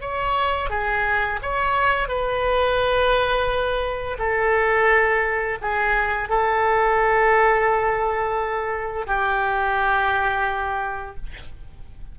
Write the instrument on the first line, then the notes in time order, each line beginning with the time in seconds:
oboe
0.00 C#5
0.69 G#4
1.42 C#5
2.08 B4
4.18 A4
5.61 G#4
6.29 A4
9.06 G4